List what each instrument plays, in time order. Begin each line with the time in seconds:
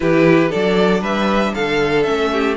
0.00 cello E3, viola E4, violin G4 B4
0.49 cello F#3, viola D4, violin A4 D5
1.01 cello G3, violin B4 E5
1.54 cello D3, violin A4 F5
2.03 viola C#4, violin E5
2.09 cello A3
2.32 violin G4